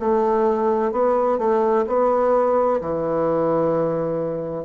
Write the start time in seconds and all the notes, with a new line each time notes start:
0.00 A3
0.92 B3
1.38 A3
1.87 B3
2.81 E3